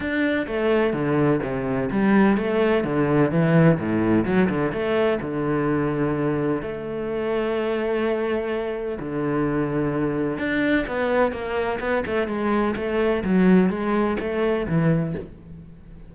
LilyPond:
\new Staff \with { instrumentName = "cello" } { \time 4/4 \tempo 4 = 127 d'4 a4 d4 c4 | g4 a4 d4 e4 | a,4 fis8 d8 a4 d4~ | d2 a2~ |
a2. d4~ | d2 d'4 b4 | ais4 b8 a8 gis4 a4 | fis4 gis4 a4 e4 | }